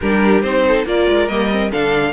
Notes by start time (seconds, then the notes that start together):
0.00 G3 D4 G4 A#4
0.42 C4 D#4 C5
0.67 A4
0.85 A#3 F4 A#4 D5
1.09 G#3
1.28 G3 A#3 D#5
1.50 C4
1.71 D3 D4 A4 F5